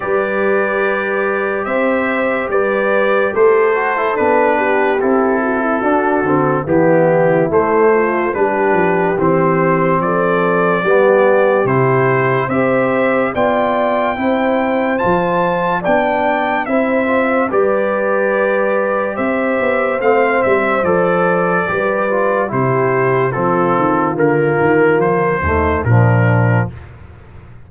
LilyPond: <<
  \new Staff \with { instrumentName = "trumpet" } { \time 4/4 \tempo 4 = 72 d''2 e''4 d''4 | c''4 b'4 a'2 | g'4 c''4 b'4 c''4 | d''2 c''4 e''4 |
g''2 a''4 g''4 | e''4 d''2 e''4 | f''8 e''8 d''2 c''4 | a'4 ais'4 c''4 ais'4 | }
  \new Staff \with { instrumentName = "horn" } { \time 4/4 b'2 c''4 b'4 | a'4. g'4 fis'16 e'16 fis'4 | e'4. f'8 g'2 | a'4 g'2 c''4 |
d''4 c''2 d''4 | c''4 b'2 c''4~ | c''2 b'4 g'4 | f'2~ f'8 dis'8 d'4 | }
  \new Staff \with { instrumentName = "trombone" } { \time 4/4 g'1~ | g'8 fis'16 e'16 d'4 e'4 d'8 c'8 | b4 a4 d'4 c'4~ | c'4 b4 e'4 g'4 |
f'4 e'4 f'4 d'4 | e'8 f'8 g'2. | c'4 a'4 g'8 f'8 e'4 | c'4 ais4. a8 f4 | }
  \new Staff \with { instrumentName = "tuba" } { \time 4/4 g2 c'4 g4 | a4 b4 c'4 d'8 d8 | e4 a4 g8 f8 e4 | f4 g4 c4 c'4 |
b4 c'4 f4 b4 | c'4 g2 c'8 b8 | a8 g8 f4 g4 c4 | f8 dis8 d8 dis8 f8 dis,8 ais,4 | }
>>